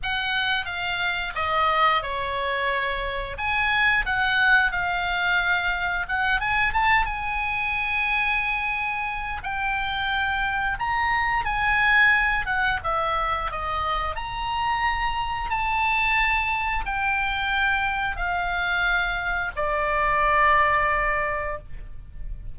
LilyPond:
\new Staff \with { instrumentName = "oboe" } { \time 4/4 \tempo 4 = 89 fis''4 f''4 dis''4 cis''4~ | cis''4 gis''4 fis''4 f''4~ | f''4 fis''8 gis''8 a''8 gis''4.~ | gis''2 g''2 |
ais''4 gis''4. fis''8 e''4 | dis''4 ais''2 a''4~ | a''4 g''2 f''4~ | f''4 d''2. | }